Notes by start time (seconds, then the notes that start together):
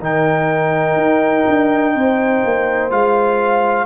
0.00 D#3 D#4 A#4 G5
0.97 D#4
1.48 D4
1.95 C4 C5
2.45 A#3
2.91 G#3 F4 F5